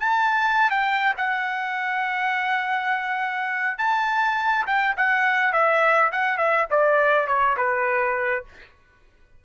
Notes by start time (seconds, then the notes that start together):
0.00 A5
0.70 G5
1.18 F#5
3.78 A5
4.67 G5
4.97 F#5
5.53 E5
6.12 F#5
6.38 E5
6.70 D5
7.27 C#5
7.57 B4